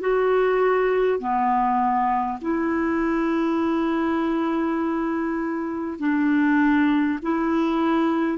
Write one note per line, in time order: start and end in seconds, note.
0.00 1.19 F#4
1.19 2.39 B3
2.41 5.98 E4
5.98 7.18 D4
7.22 8.38 E4